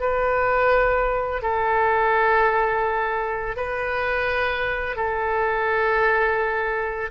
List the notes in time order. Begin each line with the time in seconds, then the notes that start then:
0.00 B4
1.42 A4
3.56 B4
4.96 A4